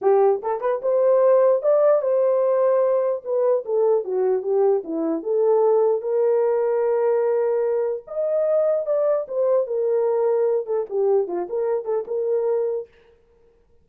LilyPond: \new Staff \with { instrumentName = "horn" } { \time 4/4 \tempo 4 = 149 g'4 a'8 b'8 c''2 | d''4 c''2. | b'4 a'4 fis'4 g'4 | e'4 a'2 ais'4~ |
ais'1 | dis''2 d''4 c''4 | ais'2~ ais'8 a'8 g'4 | f'8 ais'4 a'8 ais'2 | }